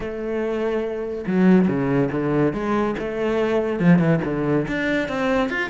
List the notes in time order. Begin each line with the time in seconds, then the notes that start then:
0.00 A3
1.26 F#3
1.67 C#3
2.11 D3
2.53 G#3
2.98 A3
3.79 F3
3.99 E3
4.24 D3
4.67 D4
5.08 C4
5.49 F4